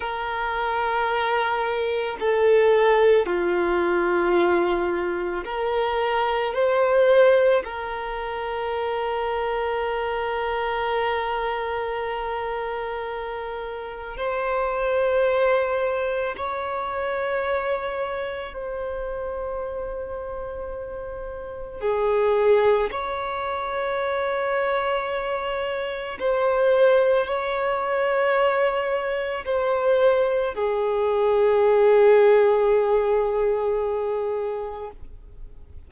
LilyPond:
\new Staff \with { instrumentName = "violin" } { \time 4/4 \tempo 4 = 55 ais'2 a'4 f'4~ | f'4 ais'4 c''4 ais'4~ | ais'1~ | ais'4 c''2 cis''4~ |
cis''4 c''2. | gis'4 cis''2. | c''4 cis''2 c''4 | gis'1 | }